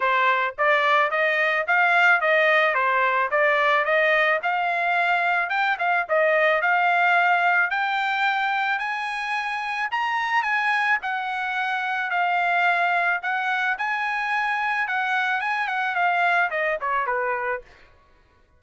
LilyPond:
\new Staff \with { instrumentName = "trumpet" } { \time 4/4 \tempo 4 = 109 c''4 d''4 dis''4 f''4 | dis''4 c''4 d''4 dis''4 | f''2 g''8 f''8 dis''4 | f''2 g''2 |
gis''2 ais''4 gis''4 | fis''2 f''2 | fis''4 gis''2 fis''4 | gis''8 fis''8 f''4 dis''8 cis''8 b'4 | }